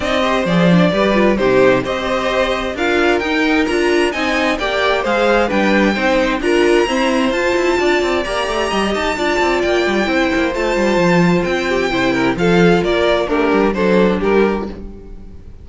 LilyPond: <<
  \new Staff \with { instrumentName = "violin" } { \time 4/4 \tempo 4 = 131 dis''4 d''2 c''4 | dis''2 f''4 g''4 | ais''4 gis''4 g''4 f''4 | g''2 ais''2 |
a''2 ais''4. a''8~ | a''4 g''2 a''4~ | a''4 g''2 f''4 | d''4 ais'4 c''4 ais'4 | }
  \new Staff \with { instrumentName = "violin" } { \time 4/4 d''8 c''4. b'4 g'4 | c''2 ais'2~ | ais'4 dis''4 d''4 c''4 | b'4 c''4 ais'4 c''4~ |
c''4 d''2 dis''4 | d''2 c''2~ | c''4. g'8 c''8 ais'8 a'4 | ais'4 d'4 a'4 g'4 | }
  \new Staff \with { instrumentName = "viola" } { \time 4/4 dis'8 g'8 gis'8 d'8 g'8 f'8 dis'4 | g'2 f'4 dis'4 | f'4 dis'4 g'4 gis'4 | d'4 dis'4 f'4 c'4 |
f'2 g'2 | f'2 e'4 f'4~ | f'2 e'4 f'4~ | f'4 g'4 d'2 | }
  \new Staff \with { instrumentName = "cello" } { \time 4/4 c'4 f4 g4 c4 | c'2 d'4 dis'4 | d'4 c'4 ais4 gis4 | g4 c'4 d'4 e'4 |
f'8 e'8 d'8 c'8 ais8 a8 g8 dis'8 | d'8 c'8 ais8 g8 c'8 ais8 a8 g8 | f4 c'4 c4 f4 | ais4 a8 g8 fis4 g4 | }
>>